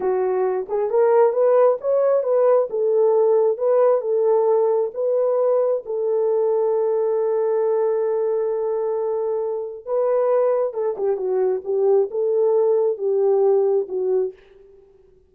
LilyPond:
\new Staff \with { instrumentName = "horn" } { \time 4/4 \tempo 4 = 134 fis'4. gis'8 ais'4 b'4 | cis''4 b'4 a'2 | b'4 a'2 b'4~ | b'4 a'2.~ |
a'1~ | a'2 b'2 | a'8 g'8 fis'4 g'4 a'4~ | a'4 g'2 fis'4 | }